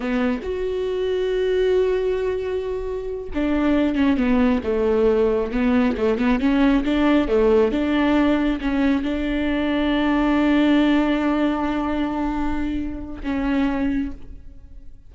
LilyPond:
\new Staff \with { instrumentName = "viola" } { \time 4/4 \tempo 4 = 136 b4 fis'2.~ | fis'2.~ fis'8 d'8~ | d'4 cis'8 b4 a4.~ | a8 b4 a8 b8 cis'4 d'8~ |
d'8 a4 d'2 cis'8~ | cis'8 d'2.~ d'8~ | d'1~ | d'2 cis'2 | }